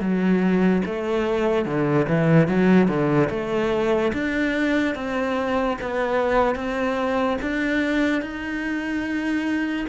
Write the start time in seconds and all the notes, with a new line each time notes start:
0.00 F#3
0.86 A3
1.65 D3
2.08 E3
2.48 F#3
2.88 D3
3.30 A3
4.13 D4
4.95 C4
5.81 B3
6.55 C4
7.42 D4
8.22 D#4